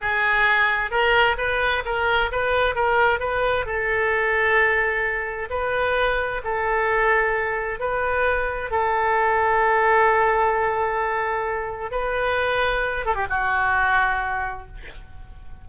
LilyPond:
\new Staff \with { instrumentName = "oboe" } { \time 4/4 \tempo 4 = 131 gis'2 ais'4 b'4 | ais'4 b'4 ais'4 b'4 | a'1 | b'2 a'2~ |
a'4 b'2 a'4~ | a'1~ | a'2 b'2~ | b'8 a'16 g'16 fis'2. | }